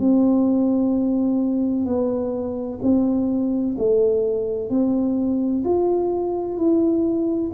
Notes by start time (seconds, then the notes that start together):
0.00 C4
1.86 B3
2.83 C4
3.78 A3
4.70 C4
5.65 F4
6.58 E4